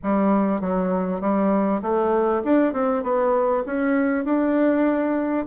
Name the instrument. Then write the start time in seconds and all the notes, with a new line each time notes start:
bassoon
0.03 G3
0.61 F#3
1.21 G3
1.82 A3
2.44 D4
2.73 C4
3.03 B3
3.66 C#4
4.25 D4